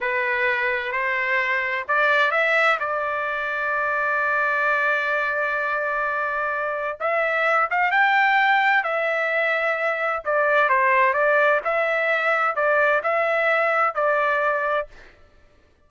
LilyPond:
\new Staff \with { instrumentName = "trumpet" } { \time 4/4 \tempo 4 = 129 b'2 c''2 | d''4 e''4 d''2~ | d''1~ | d''2. e''4~ |
e''8 f''8 g''2 e''4~ | e''2 d''4 c''4 | d''4 e''2 d''4 | e''2 d''2 | }